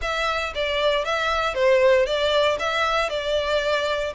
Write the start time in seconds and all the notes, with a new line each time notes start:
0.01 E5
0.54 D5
1.05 E5
1.54 C5
2.05 D5
2.59 E5
3.09 D5